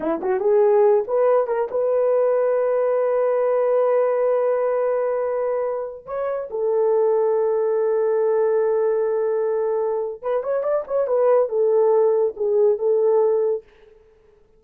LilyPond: \new Staff \with { instrumentName = "horn" } { \time 4/4 \tempo 4 = 141 e'8 fis'8 gis'4. b'4 ais'8 | b'1~ | b'1~ | b'2~ b'16 cis''4 a'8.~ |
a'1~ | a'1 | b'8 cis''8 d''8 cis''8 b'4 a'4~ | a'4 gis'4 a'2 | }